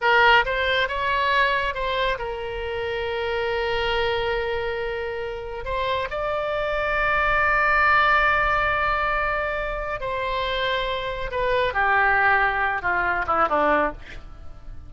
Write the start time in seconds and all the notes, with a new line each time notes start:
0.01 A#4
0.45 C5
0.88 C#5
1.74 C5
2.18 A#4
5.64 C5
6.10 D5
10.00 C5
11.31 B4
11.73 G4
12.81 F4
13.26 E4
13.48 D4